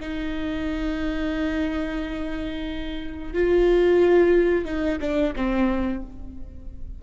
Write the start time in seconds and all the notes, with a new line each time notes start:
0.00 D#4
3.33 F4
4.65 D#4
5.00 D4
5.35 C4